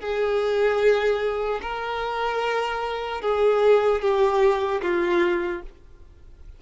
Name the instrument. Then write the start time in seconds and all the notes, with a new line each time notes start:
violin
0.00 G#4
1.61 A#4
3.21 G#4
4.01 G4
4.82 F4